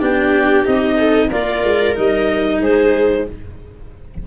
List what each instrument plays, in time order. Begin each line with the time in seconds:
0.00 tuba B3, cello D4, viola G4, clarinet G5
0.65 tuba C4, cello D#4, clarinet D#5
0.97 viola A4
1.31 tuba A#3, cello F4, viola A#4, clarinet D5
1.64 tuba G#3
1.95 tuba G3, cello D#4, clarinet D#5
2.60 tuba G#3, viola G#4, clarinet C5